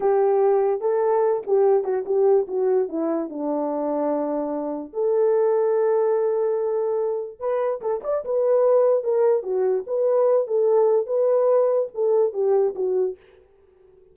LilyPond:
\new Staff \with { instrumentName = "horn" } { \time 4/4 \tempo 4 = 146 g'2 a'4. g'8~ | g'8 fis'8 g'4 fis'4 e'4 | d'1 | a'1~ |
a'2 b'4 a'8 d''8 | b'2 ais'4 fis'4 | b'4. a'4. b'4~ | b'4 a'4 g'4 fis'4 | }